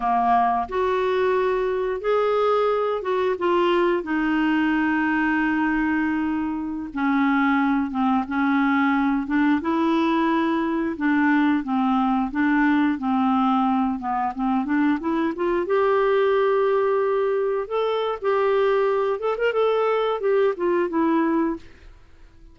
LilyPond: \new Staff \with { instrumentName = "clarinet" } { \time 4/4 \tempo 4 = 89 ais4 fis'2 gis'4~ | gis'8 fis'8 f'4 dis'2~ | dis'2~ dis'16 cis'4. c'16~ | c'16 cis'4. d'8 e'4.~ e'16~ |
e'16 d'4 c'4 d'4 c'8.~ | c'8. b8 c'8 d'8 e'8 f'8 g'8.~ | g'2~ g'16 a'8. g'4~ | g'8 a'16 ais'16 a'4 g'8 f'8 e'4 | }